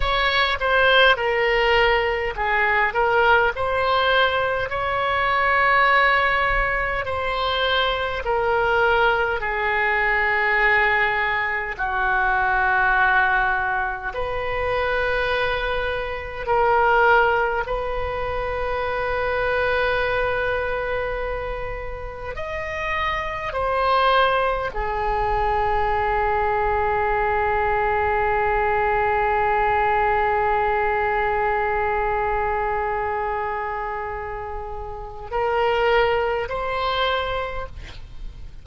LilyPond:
\new Staff \with { instrumentName = "oboe" } { \time 4/4 \tempo 4 = 51 cis''8 c''8 ais'4 gis'8 ais'8 c''4 | cis''2 c''4 ais'4 | gis'2 fis'2 | b'2 ais'4 b'4~ |
b'2. dis''4 | c''4 gis'2.~ | gis'1~ | gis'2 ais'4 c''4 | }